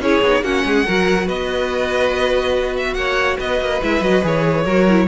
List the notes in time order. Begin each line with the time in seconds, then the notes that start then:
0.00 C#4 E4 G#4 C#5
0.22 B3 D#4
0.43 A#3 C#4 F#4 F#5
0.65 G#3 G#4
0.86 F#3 F#4 A#4
1.26 B3 B4 D#5
2.77 E5
2.94 A#3 C#5 F#5
3.37 B3 B4 D#5
3.61 A#3
3.82 G#3 E4 E5
4.01 F#3 F#4 D#5
4.23 E3 G#4 C#5
4.65 F#3 F#4 A#4
4.89 E4